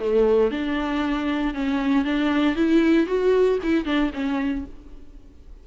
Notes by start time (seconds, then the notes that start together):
0.00 A3
0.51 D4
1.54 C#4
2.05 D4
2.56 E4
3.07 F#4
3.63 E4
3.85 D4
4.14 C#4